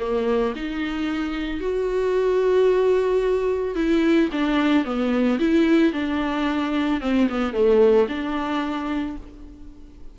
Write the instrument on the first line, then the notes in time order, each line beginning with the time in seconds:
viola
0.00 A#3
0.56 D#4
1.61 F#4
3.75 E4
4.32 D4
4.85 B3
5.39 E4
5.93 D4
7.01 C4
7.29 B3
7.54 A3
8.09 D4